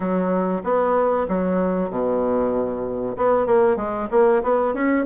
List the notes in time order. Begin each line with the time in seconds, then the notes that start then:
0.00 F#3
0.63 B3
1.28 F#3
1.90 B2
3.17 B3
3.46 A#3
3.76 G#3
4.11 A#3
4.42 B3
4.74 C#4